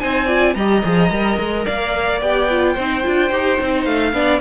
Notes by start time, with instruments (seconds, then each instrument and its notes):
0.00 cello C4, viola D#4, violin C5 G#5
0.26 viola F4, violin D5
0.55 cello G3, viola G4, violin D#5 A#5
0.84 cello F3, viola G#4
1.11 cello G3, viola A#4
1.38 cello G#3
1.65 cello A#3, violin D5 F5
2.21 cello B3, viola G4, violin G5
2.50 viola F4
2.74 cello C4, violin C5
2.80 viola D#4
3.03 cello D4, viola F4
3.31 cello D#4, viola G4
3.61 cello C4, viola D#4
3.85 cello A3, violin F5
4.13 cello B3, viola D4, violin D5